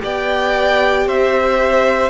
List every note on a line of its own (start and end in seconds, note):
0.00 1.07 B3
0.00 2.10 G4
0.00 1.08 D5
0.00 1.09 G5
1.07 2.10 C4
1.07 2.10 C5
1.07 2.10 E5